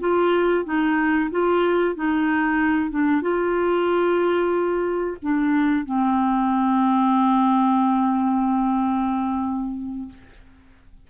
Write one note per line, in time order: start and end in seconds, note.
0.00 0.65 F4
0.65 1.30 D#4
1.31 1.95 F4
1.95 2.91 D#4
2.91 3.22 D4
3.22 5.17 F4
5.22 5.85 D4
5.85 10.09 C4